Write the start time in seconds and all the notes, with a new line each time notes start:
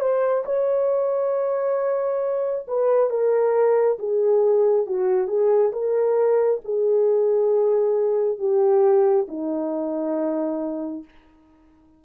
0.00 C5
0.45 C#5
2.68 B4
3.10 A#4
3.99 G#4
4.86 F#4
5.27 G#4
5.72 A#4
6.65 G#4
8.38 G4
9.28 D#4